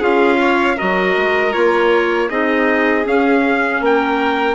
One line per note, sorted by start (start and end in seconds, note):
0.00 0.78 C#4
0.00 0.78 F4
0.00 0.38 G#4
0.00 0.79 F5
0.41 0.76 C#5
0.76 1.17 F#3
0.76 1.53 F#4
0.76 2.28 A#4
0.76 1.53 D#5
1.17 1.55 G#3
1.53 2.31 A#3
1.53 2.29 F4
1.53 2.29 C#5
2.30 3.06 C4
2.30 3.04 D#4
2.30 3.82 G#4
2.30 3.06 D#5
3.04 4.55 C#4
3.04 3.81 C#4
3.04 3.84 F5
3.81 4.55 A#3
3.81 4.55 A#4
3.81 4.55 G5